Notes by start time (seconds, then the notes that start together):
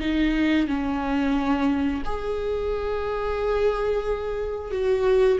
0.00 D#4
0.67 C#4
2.05 G#4
4.71 F#4